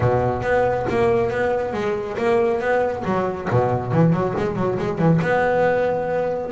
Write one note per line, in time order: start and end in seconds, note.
0.00 0.42 B2
0.42 0.85 B3
0.89 1.30 A#3
1.30 1.73 B3
1.73 2.16 G#3
2.17 2.60 A#3
2.60 3.03 B3
3.04 3.48 F#3
3.50 3.92 B2
3.92 4.12 E3
4.12 4.34 F#3
4.37 4.55 G#3
4.55 4.77 F#3
4.78 4.98 G#3
4.98 5.20 E3
5.21 6.51 B3